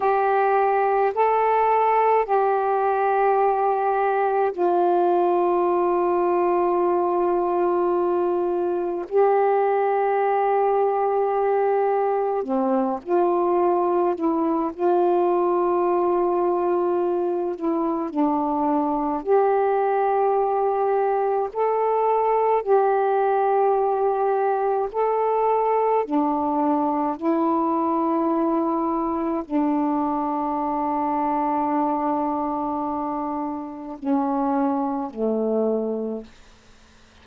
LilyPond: \new Staff \with { instrumentName = "saxophone" } { \time 4/4 \tempo 4 = 53 g'4 a'4 g'2 | f'1 | g'2. c'8 f'8~ | f'8 e'8 f'2~ f'8 e'8 |
d'4 g'2 a'4 | g'2 a'4 d'4 | e'2 d'2~ | d'2 cis'4 a4 | }